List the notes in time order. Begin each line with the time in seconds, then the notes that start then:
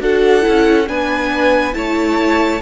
0.00 D4 F#4 A4 F#5
0.42 E4
0.48 C#4
0.87 B3 D4 B4 G#5
1.73 A3 E4 C#5 A5